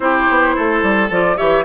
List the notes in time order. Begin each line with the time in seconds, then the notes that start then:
0.00 C4 E4 G4 C5
0.29 B3
0.55 A3 A4
0.82 G3
1.10 F3 F4 D5
1.36 E3 G4 C#5 E5